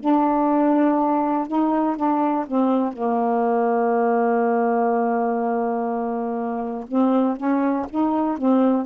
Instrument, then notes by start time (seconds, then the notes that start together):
saxophone
0.00 D4
1.48 D#4
1.97 D4
2.47 C4
2.93 A#3
6.88 C4
7.37 C#4
7.90 D#4
8.38 C4